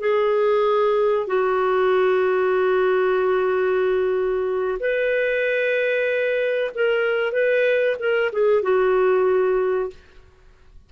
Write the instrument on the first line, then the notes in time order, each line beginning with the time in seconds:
clarinet
0.00 G#4
1.27 F#4
4.79 B4
6.75 A#4
7.32 B4
7.99 A#4
8.32 G#4
8.62 F#4